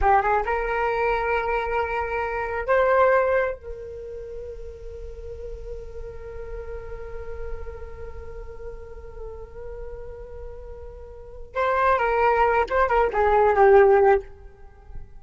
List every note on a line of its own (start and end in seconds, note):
0.01 0.21 G4
0.21 0.43 G#4
0.45 2.66 A#4
2.66 3.55 C5
3.55 11.55 A#4
11.55 11.98 C5
11.98 12.65 A#4
12.69 12.88 C5
12.88 13.10 A#4
13.12 13.55 G#4
13.55 14.21 G4